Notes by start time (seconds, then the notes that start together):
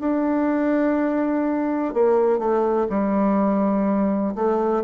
0.00 D4
1.94 A#3
2.38 A3
2.89 G3
4.35 A3